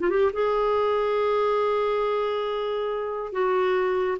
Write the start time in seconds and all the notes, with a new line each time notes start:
0.00 F4
0.10 G4
0.34 G#4
3.33 F#4